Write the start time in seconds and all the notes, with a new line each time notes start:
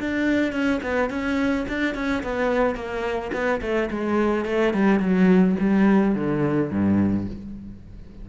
0.00 D4
0.52 C#4
0.83 B3
1.10 C#4
1.68 D4
1.95 C#4
2.23 B3
2.75 A#3
3.33 B3
3.61 A3
3.90 G#3
4.45 A3
4.74 G3
5.00 F#3
5.60 G3
6.15 D3
6.71 G2